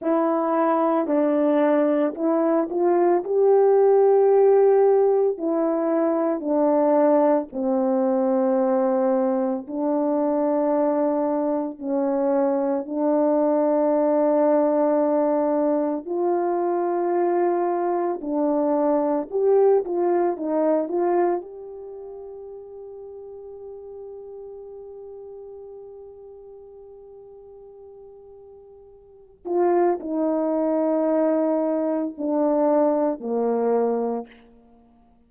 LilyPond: \new Staff \with { instrumentName = "horn" } { \time 4/4 \tempo 4 = 56 e'4 d'4 e'8 f'8 g'4~ | g'4 e'4 d'4 c'4~ | c'4 d'2 cis'4 | d'2. f'4~ |
f'4 d'4 g'8 f'8 dis'8 f'8 | g'1~ | g'2.~ g'8 f'8 | dis'2 d'4 ais4 | }